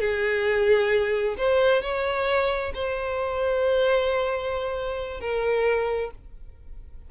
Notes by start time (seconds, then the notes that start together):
0.00 G#4
1.37 C5
1.82 C#5
2.74 C5
5.20 A#4